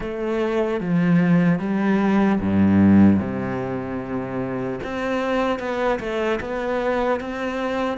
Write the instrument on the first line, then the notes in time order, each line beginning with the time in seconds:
cello
0.00 A3
0.80 F3
1.59 G3
2.40 G2
3.19 C3
4.83 C4
5.59 B3
5.99 A3
6.40 B3
7.20 C4